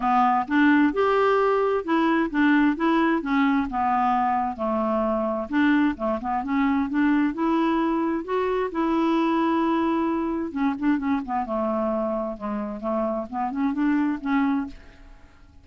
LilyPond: \new Staff \with { instrumentName = "clarinet" } { \time 4/4 \tempo 4 = 131 b4 d'4 g'2 | e'4 d'4 e'4 cis'4 | b2 a2 | d'4 a8 b8 cis'4 d'4 |
e'2 fis'4 e'4~ | e'2. cis'8 d'8 | cis'8 b8 a2 gis4 | a4 b8 cis'8 d'4 cis'4 | }